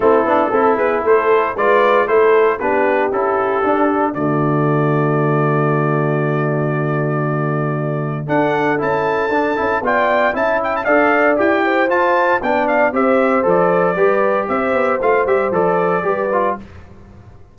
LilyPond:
<<
  \new Staff \with { instrumentName = "trumpet" } { \time 4/4 \tempo 4 = 116 a'4. b'8 c''4 d''4 | c''4 b'4 a'2 | d''1~ | d''1 |
fis''4 a''2 g''4 | a''8 g''16 a''16 f''4 g''4 a''4 | g''8 f''8 e''4 d''2 | e''4 f''8 e''8 d''2 | }
  \new Staff \with { instrumentName = "horn" } { \time 4/4 e'4 a'8 gis'8 a'4 b'4 | a'4 g'2. | fis'1~ | fis'1 |
a'2. d''4 | e''4 d''4. c''4. | d''4 c''2 b'4 | c''2. b'4 | }
  \new Staff \with { instrumentName = "trombone" } { \time 4/4 c'8 d'8 e'2 f'4 | e'4 d'4 e'4 d'4 | a1~ | a1 |
d'4 e'4 d'8 e'8 f'4 | e'4 a'4 g'4 f'4 | d'4 g'4 a'4 g'4~ | g'4 f'8 g'8 a'4 g'8 f'8 | }
  \new Staff \with { instrumentName = "tuba" } { \time 4/4 a8 b8 c'8 b8 a4 gis4 | a4 b4 cis'4 d'4 | d1~ | d1 |
d'4 cis'4 d'8 cis'8 b4 | cis'4 d'4 e'4 f'4 | b4 c'4 f4 g4 | c'8 b8 a8 g8 f4 g4 | }
>>